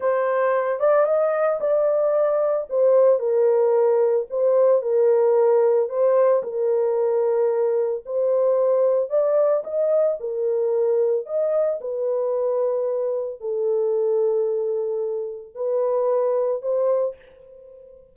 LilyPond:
\new Staff \with { instrumentName = "horn" } { \time 4/4 \tempo 4 = 112 c''4. d''8 dis''4 d''4~ | d''4 c''4 ais'2 | c''4 ais'2 c''4 | ais'2. c''4~ |
c''4 d''4 dis''4 ais'4~ | ais'4 dis''4 b'2~ | b'4 a'2.~ | a'4 b'2 c''4 | }